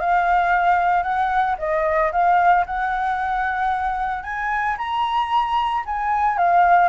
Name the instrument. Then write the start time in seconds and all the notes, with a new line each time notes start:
flute
0.00 F5
1.03 F#5
1.59 D#5
2.12 F5
2.66 F#5
4.23 G#5
4.78 A#5
5.86 G#5
6.38 F5